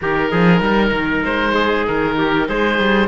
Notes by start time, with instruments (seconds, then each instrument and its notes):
0.01 cello D#3, viola D#4, trumpet G4, oboe A#4
0.31 cello F3, trumpet G#4
0.60 cello G3, trumpet A#4
0.91 cello D#3
1.24 cello G#3, oboe C5
1.54 trumpet G#4
1.87 cello D#3, oboe A#4
2.17 trumpet G4
2.48 cello G#3, trumpet G#4, oboe C5
2.78 cello G3